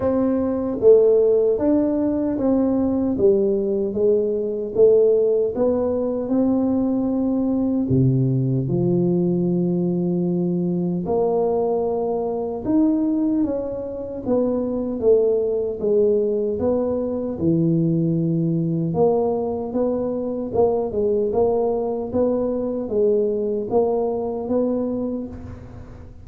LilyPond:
\new Staff \with { instrumentName = "tuba" } { \time 4/4 \tempo 4 = 76 c'4 a4 d'4 c'4 | g4 gis4 a4 b4 | c'2 c4 f4~ | f2 ais2 |
dis'4 cis'4 b4 a4 | gis4 b4 e2 | ais4 b4 ais8 gis8 ais4 | b4 gis4 ais4 b4 | }